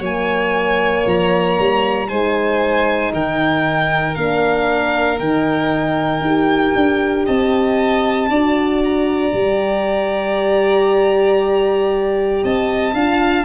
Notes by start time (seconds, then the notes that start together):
0.00 F#3 A#3 C#5 G#5
1.07 F3 A#5
1.59 G3
2.08 G#3 D#4 C5 G#5
3.13 D#3 A#4 G5
4.16 A#3 D4 F5
5.19 D#3 D#4 G5
6.21 D#4 G4
6.76 D4
7.26 C4 D#5 A5
8.30 D4 F#4 D5
8.84 A#5
9.33 G3 G4
12.44 C4 D#5 A5
12.94 D4 F4 F5